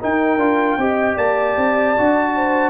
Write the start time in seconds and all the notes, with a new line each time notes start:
0.00 D#4 A#4 G5
0.37 D4 F4
0.77 C4 G4 D#5
1.16 A#3 D5 A5
1.57 C4
1.97 D4 F#4
2.35 C5